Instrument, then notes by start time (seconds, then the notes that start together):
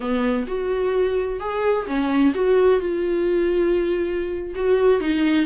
viola
0.00 B3
0.47 F#4
1.40 G#4
1.86 C#4
2.34 F#4
2.80 F4
4.55 F#4
5.00 D#4